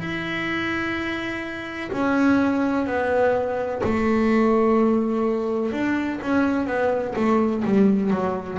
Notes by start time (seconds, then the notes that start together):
0.00 E4
1.93 C#4
2.87 B3
3.84 A3
5.72 D4
6.22 C#4
6.67 B3
7.16 A3
7.65 G3
8.11 F#3